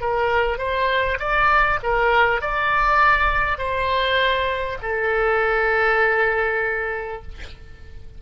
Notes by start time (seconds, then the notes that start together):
0.00 A#4
0.57 C5
1.19 D5
1.82 A#4
2.41 D5
3.57 C5
4.82 A4